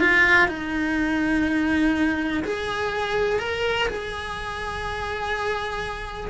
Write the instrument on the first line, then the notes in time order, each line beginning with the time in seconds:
cello
0.00 F4
0.48 D#4
2.44 G#4
3.39 A#4
3.88 G#4